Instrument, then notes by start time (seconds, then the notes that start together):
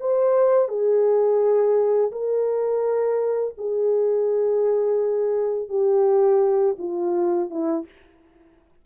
horn
0.00 C5
0.69 G#4
2.12 A#4
3.57 G#4
5.69 G4
6.79 F4
7.50 E4